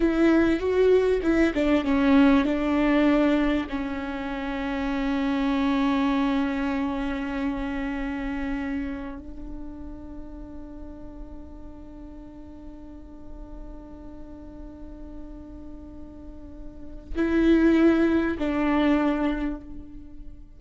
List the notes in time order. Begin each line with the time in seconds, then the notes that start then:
0.00 E4
0.59 F#4
1.22 E4
1.54 D4
1.84 C#4
2.44 D4
3.69 C#4
9.18 D4
17.15 E4
18.38 D4